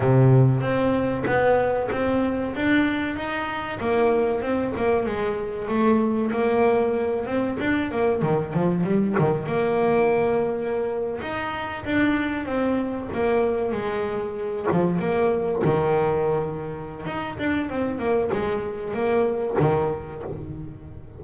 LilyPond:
\new Staff \with { instrumentName = "double bass" } { \time 4/4 \tempo 4 = 95 c4 c'4 b4 c'4 | d'4 dis'4 ais4 c'8 ais8 | gis4 a4 ais4. c'8 | d'8 ais8 dis8 f8 g8 dis8 ais4~ |
ais4.~ ais16 dis'4 d'4 c'16~ | c'8. ais4 gis4. f8 ais16~ | ais8. dis2~ dis16 dis'8 d'8 | c'8 ais8 gis4 ais4 dis4 | }